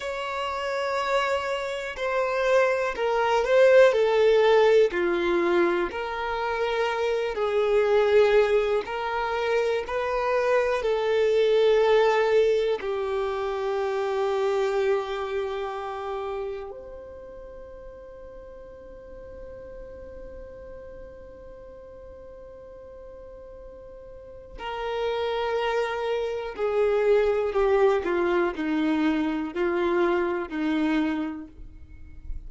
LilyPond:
\new Staff \with { instrumentName = "violin" } { \time 4/4 \tempo 4 = 61 cis''2 c''4 ais'8 c''8 | a'4 f'4 ais'4. gis'8~ | gis'4 ais'4 b'4 a'4~ | a'4 g'2.~ |
g'4 c''2.~ | c''1~ | c''4 ais'2 gis'4 | g'8 f'8 dis'4 f'4 dis'4 | }